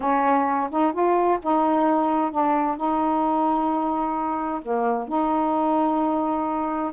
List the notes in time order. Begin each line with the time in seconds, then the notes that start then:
0.00 C#4
0.70 D#4
0.92 F4
1.42 D#4
2.31 D4
2.76 D#4
4.62 A#3
5.07 D#4